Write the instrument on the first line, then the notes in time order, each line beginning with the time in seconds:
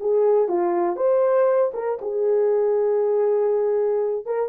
horn
0.00 G#4
0.48 F4
0.96 C5
1.74 A#4
2.01 G#4
4.25 A#4